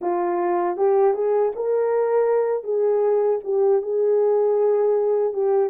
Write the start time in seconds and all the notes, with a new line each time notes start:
0.01 F4
0.76 G4
1.14 G#4
1.55 A#4
2.63 G#4
3.43 G4
3.82 G#4
5.33 G4